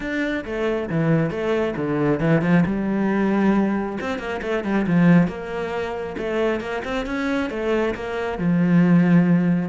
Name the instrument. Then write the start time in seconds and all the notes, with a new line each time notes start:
cello
0.00 D4
0.45 A3
0.89 E3
1.30 A3
1.76 D3
2.19 E3
2.41 F3
2.66 G3
4.00 C4
4.18 A#3
4.42 A3
4.64 G3
4.86 F3
5.27 A#3
6.17 A3
6.60 A#3
6.84 C4
7.06 C#4
7.50 A3
7.94 A#3
8.38 F3